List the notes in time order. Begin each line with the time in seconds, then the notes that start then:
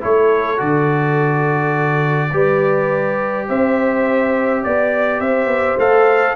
0.00 A3 E4 A4 C#5
0.57 D3 F#4 D5
2.32 G3 G4 B4
3.48 C4 C5 E5
4.63 B3 D5
5.20 C4 C5 E5
5.46 B3
5.77 A3 A4 F5